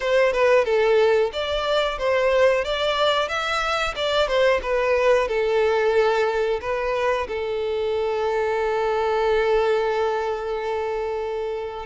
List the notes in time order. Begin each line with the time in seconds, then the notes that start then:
0.00 C5
0.32 B4
0.64 A4
1.32 D5
1.98 C5
2.64 D5
3.28 E5
3.95 D5
4.27 C5
4.62 B4
5.27 A4
6.61 B4
7.28 A4